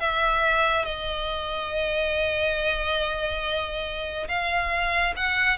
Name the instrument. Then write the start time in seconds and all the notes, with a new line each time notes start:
violin
0.00 E5
0.85 D#5
4.29 F5
5.16 F#5